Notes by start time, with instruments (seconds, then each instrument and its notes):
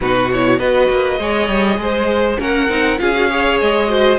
0.01 cello B2, viola D#4, violin F#4 B4
0.33 viola E4, violin C#5
0.58 cello B3, viola F#4, violin B4 D#5
0.89 cello A#3
1.18 cello G#3, viola G#4, violin C#5
1.48 cello G3
1.77 cello G#3, violin C5
2.38 cello A#3, viola C#4, violin A#4 F#5
2.68 cello C4, viola D#4
2.98 cello C#4, viola F4, violin G#4 F5
3.15 viola F#4
3.29 viola G#4, violin C#5
3.60 cello G#3, violin D#5
3.88 viola F#4, violin C5